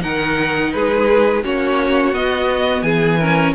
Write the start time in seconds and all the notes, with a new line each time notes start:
0.00 D#3 D#4 A#4 F#5
0.72 G#3 G#4 B4
1.43 A#3 C#4 F#4 C#5
2.13 B3 D#5
2.82 E3 G#4 G#5
3.19 C#4 A#4